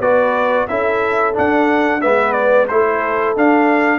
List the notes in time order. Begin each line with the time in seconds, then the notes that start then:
0.00 B3 F#4 B4 D5
0.68 C#4 E4 A4 E5
1.34 D4 F#5
2.01 G#3 B3 B4 E5
2.33 D5
2.68 A3 E4 A4 C5
3.36 D4 F5